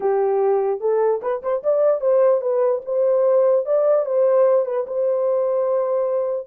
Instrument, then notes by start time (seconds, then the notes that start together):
horn
0.00 G4
0.80 A4
1.21 B4
1.42 C5
1.63 D5
2.00 C5
2.41 B4
2.85 C5
3.65 D5
4.05 C5
4.65 B4
4.86 C5